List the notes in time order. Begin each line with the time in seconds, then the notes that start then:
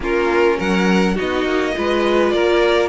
0.00 A#3 C#4 F4 A#4
0.57 F#3 A#4 F#5
1.14 B3 D#4 F#4 D#5
1.44 A#3
1.75 G#3 F4 B4
2.30 A#3 A#4 D5